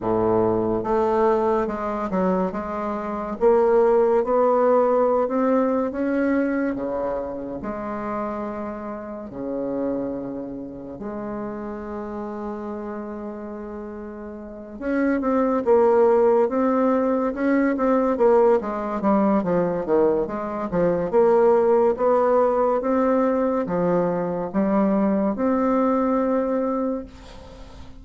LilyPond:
\new Staff \with { instrumentName = "bassoon" } { \time 4/4 \tempo 4 = 71 a,4 a4 gis8 fis8 gis4 | ais4 b4~ b16 c'8. cis'4 | cis4 gis2 cis4~ | cis4 gis2.~ |
gis4. cis'8 c'8 ais4 c'8~ | c'8 cis'8 c'8 ais8 gis8 g8 f8 dis8 | gis8 f8 ais4 b4 c'4 | f4 g4 c'2 | }